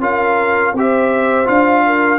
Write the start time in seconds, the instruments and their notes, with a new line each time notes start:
0.00 tuba C#4, trombone F4, horn A#4, trumpet F5
0.73 tuba C4, trombone G4, horn C5, trumpet E5
1.45 tuba D4, trombone F4, trumpet F5
1.86 horn A#4